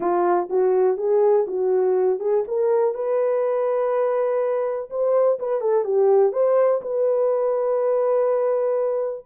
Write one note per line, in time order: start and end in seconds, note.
0.00 0.48 F4
0.49 0.97 F#4
0.97 1.45 G#4
1.47 2.19 F#4
2.19 2.44 G#4
2.47 2.94 A#4
2.94 4.89 B4
4.90 5.39 C5
5.39 5.61 B4
5.61 5.84 A4
5.84 6.32 G4
6.32 6.81 C5
6.81 9.25 B4